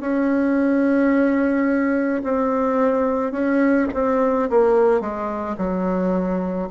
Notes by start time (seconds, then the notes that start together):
0.00 C#4
2.23 C4
3.31 C#4
3.93 C4
4.49 A#3
5.00 G#3
5.58 F#3